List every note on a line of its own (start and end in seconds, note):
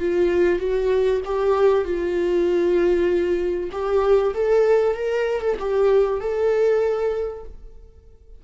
0.00 0.60 F4
0.60 1.21 F#4
1.25 1.85 G4
1.85 3.71 F4
3.72 4.34 G4
4.34 4.95 A4
4.95 5.42 A#4
5.42 5.57 A4
5.60 6.21 G4
6.21 7.44 A4